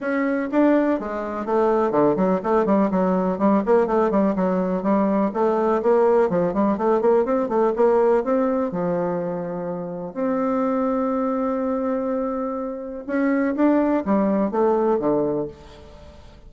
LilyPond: \new Staff \with { instrumentName = "bassoon" } { \time 4/4 \tempo 4 = 124 cis'4 d'4 gis4 a4 | d8 fis8 a8 g8 fis4 g8 ais8 | a8 g8 fis4 g4 a4 | ais4 f8 g8 a8 ais8 c'8 a8 |
ais4 c'4 f2~ | f4 c'2.~ | c'2. cis'4 | d'4 g4 a4 d4 | }